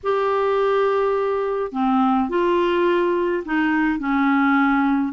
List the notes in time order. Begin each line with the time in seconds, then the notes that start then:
0.03 G4
1.71 C4
2.29 F4
3.45 D#4
3.99 C#4